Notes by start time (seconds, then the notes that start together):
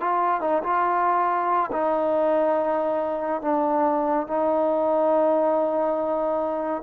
0.00 F4
0.41 D#4
0.63 F4
1.72 D#4
3.41 D4
4.27 D#4